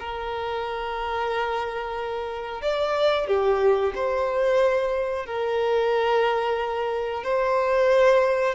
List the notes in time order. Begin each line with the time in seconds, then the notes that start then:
0.00 A#4
2.62 D5
3.28 G4
3.96 C5
5.26 A#4
7.24 C5